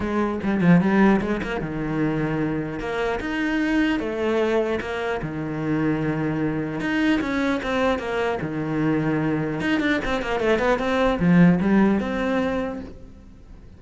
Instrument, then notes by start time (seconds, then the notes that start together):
cello
0.00 G#3
0.43 G3
0.60 F3
0.80 G3
1.21 G#3
1.42 A#3
1.60 D#3
2.79 A#3
3.19 D#4
3.99 A3
4.80 A#3
5.21 D#3
6.80 D#4
7.21 C#4
7.62 C4
7.98 A#3
8.41 D#3
9.60 D#4
9.79 D4
10.04 C4
10.21 A#3
10.40 A3
10.58 B3
10.78 C4
11.19 F3
11.60 G3
12.00 C4